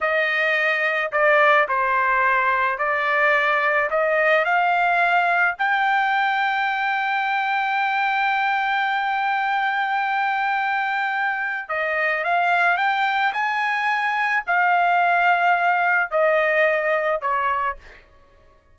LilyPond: \new Staff \with { instrumentName = "trumpet" } { \time 4/4 \tempo 4 = 108 dis''2 d''4 c''4~ | c''4 d''2 dis''4 | f''2 g''2~ | g''1~ |
g''1~ | g''4 dis''4 f''4 g''4 | gis''2 f''2~ | f''4 dis''2 cis''4 | }